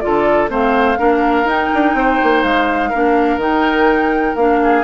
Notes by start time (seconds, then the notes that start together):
0.00 D3 F4 A4 D5
0.48 A3 C4 C5 F5
0.97 A#3 D4 A#4
1.44 D#4 G5
1.74 D4
1.94 C4 C5
2.23 A#3
2.43 G#3 F5
2.90 A#3 D4 A#4
3.37 D#3 D#4 G5
4.35 A#3 D4 F5
4.63 G#4